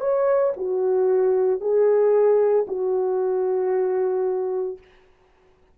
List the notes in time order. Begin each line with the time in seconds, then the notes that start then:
0.00 C#5
0.56 F#4
1.60 G#4
2.67 F#4